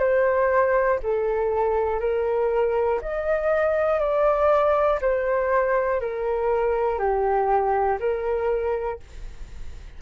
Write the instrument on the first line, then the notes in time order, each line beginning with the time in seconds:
flute
0.00 C5
1.03 A4
2.00 A#4
3.02 D#5
4.00 D5
5.02 C5
6.01 A#4
6.99 G4
8.00 A#4